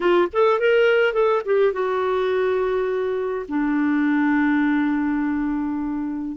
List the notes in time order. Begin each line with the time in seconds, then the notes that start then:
0.00 F4
0.32 A4
0.59 A#4
1.13 A4
1.45 G4
1.72 F#4
3.48 D4